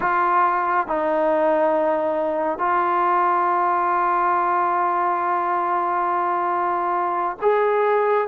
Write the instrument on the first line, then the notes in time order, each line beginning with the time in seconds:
trombone
0.00 F4
0.87 D#4
2.58 F4
7.41 G#4